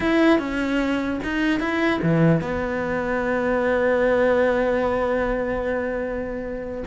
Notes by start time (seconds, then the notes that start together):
0.00 E4
0.39 C#4
1.23 D#4
1.59 E4
2.02 E3
2.41 B3